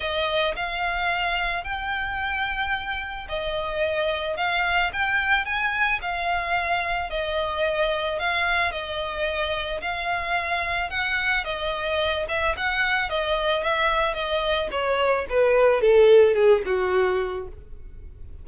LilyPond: \new Staff \with { instrumentName = "violin" } { \time 4/4 \tempo 4 = 110 dis''4 f''2 g''4~ | g''2 dis''2 | f''4 g''4 gis''4 f''4~ | f''4 dis''2 f''4 |
dis''2 f''2 | fis''4 dis''4. e''8 fis''4 | dis''4 e''4 dis''4 cis''4 | b'4 a'4 gis'8 fis'4. | }